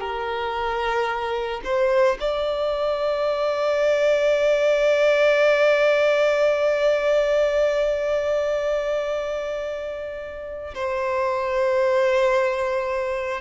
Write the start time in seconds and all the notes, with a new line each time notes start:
0.00 A#4
1.64 C5
2.20 D5
10.74 C5